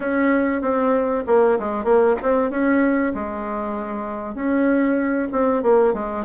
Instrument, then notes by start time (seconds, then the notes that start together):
bassoon
0.00 C#4
0.61 C4
1.27 A#3
1.59 G#3
1.84 A#3
2.22 C4
2.50 C#4
3.14 G#3
4.34 C#4
5.32 C4
5.62 A#3
5.93 G#3